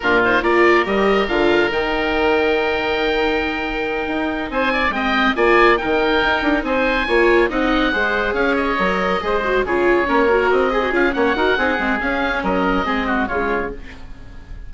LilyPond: <<
  \new Staff \with { instrumentName = "oboe" } { \time 4/4 \tempo 4 = 140 ais'8 c''8 d''4 dis''4 f''4 | g''1~ | g''2~ g''8 gis''4 g''8~ | g''8 gis''4 g''2 gis''8~ |
gis''4. fis''2 f''8 | dis''2~ dis''8 cis''4.~ | cis''8 dis''4 f''8 fis''2 | f''4 dis''2 cis''4 | }
  \new Staff \with { instrumentName = "oboe" } { \time 4/4 f'4 ais'2.~ | ais'1~ | ais'2~ ais'8 c''8 d''8 dis''8~ | dis''8 d''4 ais'2 c''8~ |
c''8 cis''4 dis''4 c''4 cis''8~ | cis''4. c''4 gis'4 ais'8~ | ais'4 gis'4 cis''8 ais'8 gis'4~ | gis'4 ais'4 gis'8 fis'8 f'4 | }
  \new Staff \with { instrumentName = "viola" } { \time 4/4 d'8 dis'8 f'4 g'4 f'4 | dis'1~ | dis'2.~ dis'8 c'8~ | c'8 f'4 dis'2~ dis'8~ |
dis'8 f'4 dis'4 gis'4.~ | gis'8 ais'4 gis'8 fis'8 f'4 cis'8 | fis'4 gis'16 fis'16 f'8 cis'8 fis'8 dis'8 c'8 | cis'2 c'4 gis4 | }
  \new Staff \with { instrumentName = "bassoon" } { \time 4/4 ais,4 ais4 g4 d4 | dis1~ | dis4. dis'4 c'4 gis8~ | gis8 ais4 dis4 dis'8 d'8 c'8~ |
c'8 ais4 c'4 gis4 cis'8~ | cis'8 fis4 gis4 cis4 ais8~ | ais8 c'4 cis'8 ais8 dis'8 c'8 gis8 | cis'4 fis4 gis4 cis4 | }
>>